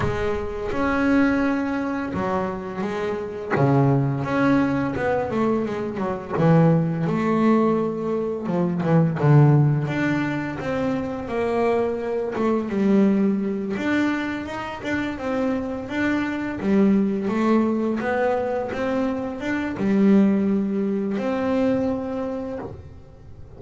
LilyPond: \new Staff \with { instrumentName = "double bass" } { \time 4/4 \tempo 4 = 85 gis4 cis'2 fis4 | gis4 cis4 cis'4 b8 a8 | gis8 fis8 e4 a2 | f8 e8 d4 d'4 c'4 |
ais4. a8 g4. d'8~ | d'8 dis'8 d'8 c'4 d'4 g8~ | g8 a4 b4 c'4 d'8 | g2 c'2 | }